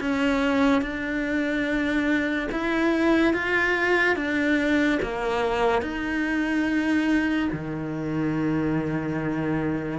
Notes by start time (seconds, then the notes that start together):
0.00 C#4
0.81 D4
2.51 E4
3.33 F4
4.16 D4
5.02 A#3
5.82 D#4
7.52 D#3